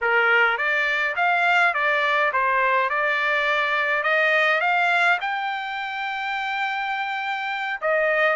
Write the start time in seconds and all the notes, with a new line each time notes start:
0.01 A#4
0.57 D5
1.16 F5
1.74 D5
2.33 C5
2.89 D5
4.03 D#5
4.60 F5
5.21 G5
7.81 D#5